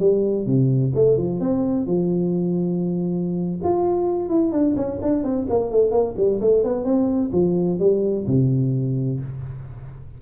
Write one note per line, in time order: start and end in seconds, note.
0.00 0.46 G3
0.46 0.93 C3
0.95 1.18 A3
1.18 1.40 F3
1.40 1.87 C4
1.87 3.61 F3
3.64 4.30 F4
4.30 4.52 E4
4.52 4.76 D4
4.77 5.00 C#4
5.03 5.24 D4
5.24 5.47 C4
5.50 5.72 A#3
5.72 5.92 A3
5.92 6.15 A#3
6.18 6.41 G3
6.41 6.64 A3
6.64 6.85 B3
6.85 7.31 C4
7.33 7.79 F3
7.80 8.26 G3
8.27 9.20 C3